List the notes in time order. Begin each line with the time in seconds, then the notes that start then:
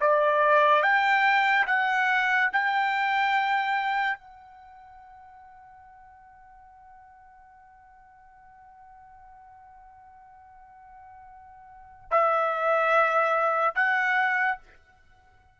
0.00 D5
0.83 G5
1.67 F#5
2.53 G5
4.18 F#5
12.11 E5
13.75 F#5